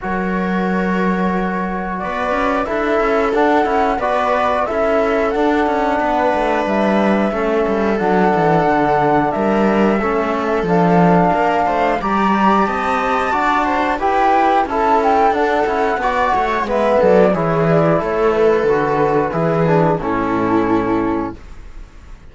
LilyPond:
<<
  \new Staff \with { instrumentName = "flute" } { \time 4/4 \tempo 4 = 90 cis''2. d''4 | e''4 fis''4 d''4 e''4 | fis''2 e''2 | fis''2 e''2 |
f''2 ais''4 a''4~ | a''4 g''4 a''8 g''8 fis''4~ | fis''4 e''8 d''8 cis''8 d''8 cis''8 b'8~ | b'2 a'2 | }
  \new Staff \with { instrumentName = "viola" } { \time 4/4 ais'2. b'4 | a'2 b'4 a'4~ | a'4 b'2 a'4~ | a'2 ais'4 a'4~ |
a'4 ais'8 c''8 d''4 dis''4 | d''8 c''8 b'4 a'2 | d''8 cis''8 b'8 a'8 gis'4 a'4~ | a'4 gis'4 e'2 | }
  \new Staff \with { instrumentName = "trombone" } { \time 4/4 fis'1 | e'4 d'8 e'8 fis'4 e'4 | d'2. cis'4 | d'2. cis'4 |
d'2 g'2 | fis'4 g'4 e'4 d'8 e'8 | fis'4 b4 e'2 | fis'4 e'8 d'8 cis'2 | }
  \new Staff \with { instrumentName = "cello" } { \time 4/4 fis2. b8 cis'8 | d'8 cis'8 d'8 cis'8 b4 cis'4 | d'8 cis'8 b8 a8 g4 a8 g8 | fis8 e8 d4 g4 a4 |
f4 ais8 a8 g4 c'4 | d'4 e'4 cis'4 d'8 cis'8 | b8 a8 gis8 fis8 e4 a4 | d4 e4 a,2 | }
>>